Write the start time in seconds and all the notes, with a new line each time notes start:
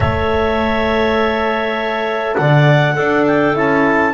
0.00 A3 A4 C#5 E5
2.35 D3 D5 F#5
2.94 D4 A4
3.26 G5
3.53 C#4 E4 A5